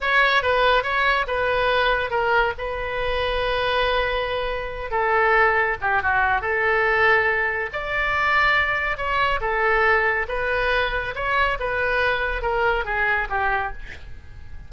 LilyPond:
\new Staff \with { instrumentName = "oboe" } { \time 4/4 \tempo 4 = 140 cis''4 b'4 cis''4 b'4~ | b'4 ais'4 b'2~ | b'2.~ b'8 a'8~ | a'4. g'8 fis'4 a'4~ |
a'2 d''2~ | d''4 cis''4 a'2 | b'2 cis''4 b'4~ | b'4 ais'4 gis'4 g'4 | }